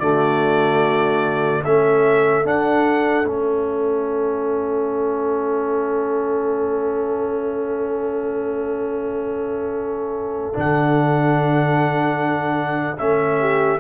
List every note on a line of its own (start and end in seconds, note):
0.00 1.62 D3
0.00 1.64 A3
0.00 1.64 F#4
0.00 1.62 D5
1.65 2.46 A3
1.65 2.44 C#4
1.65 13.40 A4
1.65 2.46 E5
2.44 3.25 D4
2.44 3.28 F#5
3.25 10.55 A3
3.25 10.54 C#4
3.25 10.57 E5
10.54 13.00 D3
10.54 12.97 D4
10.54 12.99 F#5
12.98 13.81 A3
12.98 13.79 C#4
12.98 13.80 E5
13.40 13.81 G4